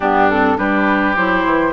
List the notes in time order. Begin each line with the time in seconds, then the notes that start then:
0.00 G2 B3 D4 G4
0.29 C4 A4
0.57 G3 D4 G4 B4
1.15 F#3 E4 C5
1.45 E3